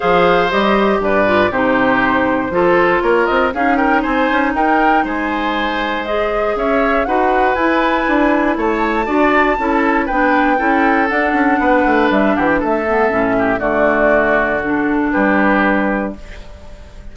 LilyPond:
<<
  \new Staff \with { instrumentName = "flute" } { \time 4/4 \tempo 4 = 119 f''4 dis''4 d''4 c''4~ | c''2 cis''8 dis''8 f''8 g''8 | gis''4 g''4 gis''2 | dis''4 e''4 fis''4 gis''4~ |
gis''4 a''2. | g''2 fis''2 | e''8 fis''16 g''16 e''2 d''4~ | d''4 a'4 b'2 | }
  \new Staff \with { instrumentName = "oboe" } { \time 4/4 c''2 b'4 g'4~ | g'4 a'4 ais'4 gis'8 ais'8 | c''4 ais'4 c''2~ | c''4 cis''4 b'2~ |
b'4 cis''4 d''4 a'4 | b'4 a'2 b'4~ | b'8 g'8 a'4. g'8 fis'4~ | fis'2 g'2 | }
  \new Staff \with { instrumentName = "clarinet" } { \time 4/4 gis'4 g'4. f'8 dis'4~ | dis'4 f'2 dis'4~ | dis'1 | gis'2 fis'4 e'4~ |
e'2 fis'4 e'4 | d'4 e'4 d'2~ | d'4. b8 cis'4 a4~ | a4 d'2. | }
  \new Staff \with { instrumentName = "bassoon" } { \time 4/4 f4 g4 g,4 c4~ | c4 f4 ais8 c'8 cis'4 | c'8 cis'8 dis'4 gis2~ | gis4 cis'4 dis'4 e'4 |
d'4 a4 d'4 cis'4 | b4 cis'4 d'8 cis'8 b8 a8 | g8 e8 a4 a,4 d4~ | d2 g2 | }
>>